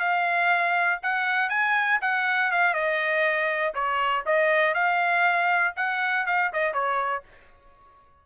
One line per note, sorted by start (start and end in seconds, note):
0.00 1.00 F5
1.03 1.50 F#5
1.50 2.00 G#5
2.02 2.52 F#5
2.52 2.75 F5
2.75 3.75 D#5
3.75 4.25 C#5
4.26 4.75 D#5
4.75 5.75 F5
5.77 6.27 F#5
6.27 6.52 F5
6.53 6.74 D#5
6.74 7.24 C#5